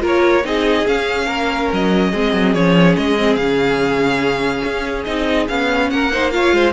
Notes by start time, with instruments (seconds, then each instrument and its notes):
0.00 cello A#3, viola F4, violin A#4
0.06 violin C#5
0.44 cello C4, viola D#4, violin G#4 D#5
0.87 cello C#4, viola C#4, violin F5
1.26 cello A#3, violin A#4
1.73 cello F#3, violin D#5
2.10 cello G#3, viola C4, violin G#4
2.33 cello F#3
2.53 cello F3, viola C#4, violin C#5
2.96 cello G#3, violin D#5
3.17 viola C4
3.34 cello C#3, violin F5
3.41 viola C#4
4.63 cello C#4
5.04 cello C4, viola D#4, violin D#5
5.48 cello B3, viola C#4, violin F5
5.90 cello A#3, violin A#4 F#5
6.11 viola D#4, violin C5
6.30 viola F4, violin C#5 F5
6.52 cello G#3, violin C5